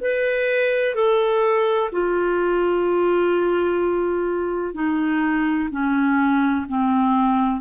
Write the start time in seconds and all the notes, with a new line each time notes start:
0.00 B4
0.94 A4
1.92 F4
4.74 D#4
5.71 C#4
6.68 C4